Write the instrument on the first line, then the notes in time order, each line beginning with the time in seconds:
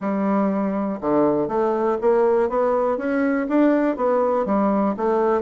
bassoon
0.00 G3
1.01 D3
1.47 A3
2.01 A#3
2.49 B3
2.97 C#4
3.48 D4
3.96 B3
4.45 G3
4.97 A3